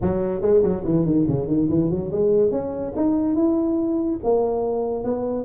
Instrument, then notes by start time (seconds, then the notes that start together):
tuba
0.01 F#3
0.41 G#3
0.62 F#3
0.84 E3
1.05 D#3
1.27 C#3
1.47 D#3
1.69 E3
1.90 F#3
2.11 G#3
2.51 C#4
2.96 D#4
3.35 E4
4.23 A#3
5.04 B3